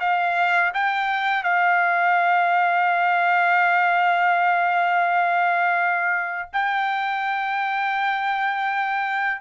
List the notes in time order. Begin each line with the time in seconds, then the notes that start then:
0.00 F5
0.74 G5
1.43 F5
6.53 G5